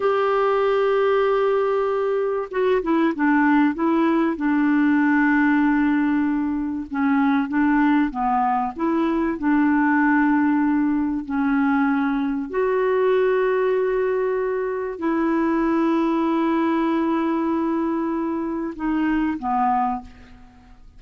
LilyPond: \new Staff \with { instrumentName = "clarinet" } { \time 4/4 \tempo 4 = 96 g'1 | fis'8 e'8 d'4 e'4 d'4~ | d'2. cis'4 | d'4 b4 e'4 d'4~ |
d'2 cis'2 | fis'1 | e'1~ | e'2 dis'4 b4 | }